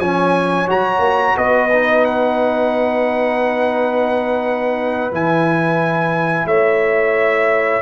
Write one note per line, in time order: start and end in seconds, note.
0.00 0.68 F3
0.00 0.67 C#4
0.00 1.36 C#5
0.00 0.68 G#5
0.67 0.99 F#3
0.67 1.70 F#4
0.67 1.38 A#5
0.99 1.33 A#3
1.37 5.12 B3
1.37 6.48 B4
1.37 2.05 D#5
1.73 5.12 D#4
2.05 5.12 F#5
5.12 6.45 E3
5.12 7.83 E4
5.12 6.47 G#5
6.45 7.82 A3
6.45 7.83 C#5
6.45 7.83 E5